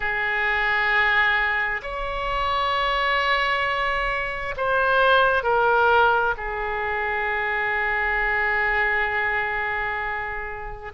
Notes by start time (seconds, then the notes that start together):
0.00 G#4
1.82 C#5
4.56 C5
5.43 A#4
6.37 G#4